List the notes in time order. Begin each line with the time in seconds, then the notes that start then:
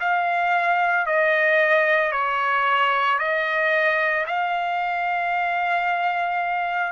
0.00 F5
1.06 D#5
2.12 C#5
3.19 D#5
4.27 F5